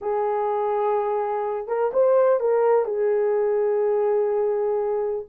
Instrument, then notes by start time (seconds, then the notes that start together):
horn
0.01 G#4
1.67 A#4
1.93 C5
2.40 A#4
2.85 G#4